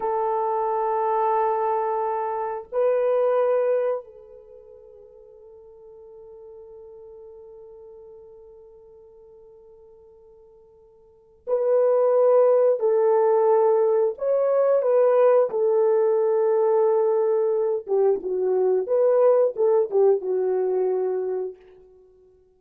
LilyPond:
\new Staff \with { instrumentName = "horn" } { \time 4/4 \tempo 4 = 89 a'1 | b'2 a'2~ | a'1~ | a'1~ |
a'4 b'2 a'4~ | a'4 cis''4 b'4 a'4~ | a'2~ a'8 g'8 fis'4 | b'4 a'8 g'8 fis'2 | }